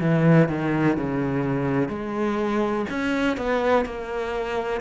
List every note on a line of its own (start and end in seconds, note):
0.00 0.48 E3
0.48 0.97 D#3
0.97 1.89 C#3
1.89 2.85 G#3
2.89 3.37 C#4
3.37 3.85 B3
3.85 4.81 A#3